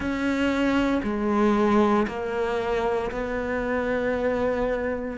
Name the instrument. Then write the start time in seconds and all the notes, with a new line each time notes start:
cello
0.00 C#4
1.03 G#3
2.07 A#3
3.11 B3